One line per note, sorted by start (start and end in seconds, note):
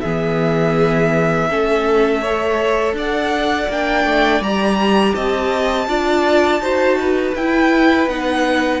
0.00 1.50 E3
0.00 1.49 B3
0.00 1.48 G#4
0.00 2.93 E5
1.49 2.93 A3
1.49 2.22 C#4
1.49 2.21 A4
2.21 3.70 A4
2.21 2.95 C#5
2.93 3.66 D4
2.93 5.14 D5
2.93 3.71 F#5
3.67 4.04 A#3
3.67 4.42 D4
3.67 4.42 G5
4.04 4.40 A3
4.40 5.13 G3
4.40 5.87 G4
4.40 5.14 A#5
5.14 5.87 C4
5.14 5.87 D#5
5.14 7.34 A5
5.87 6.59 D4
5.87 6.60 F4
5.87 6.62 D5
6.59 7.32 D#4
6.59 7.34 F#4
6.59 6.98 C5
6.99 8.80 B4
7.34 8.07 E4
7.34 8.09 E4
7.34 8.08 G5
8.07 8.80 B3
8.07 8.80 D#4
8.07 8.80 F#5